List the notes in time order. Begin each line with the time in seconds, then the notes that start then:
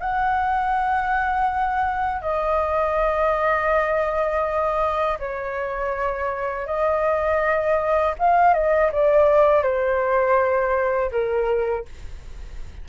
0.00 F#5
2.22 D#5
5.19 C#5
6.66 D#5
8.19 F5
8.53 D#5
8.92 D5
9.63 C5
11.11 A#4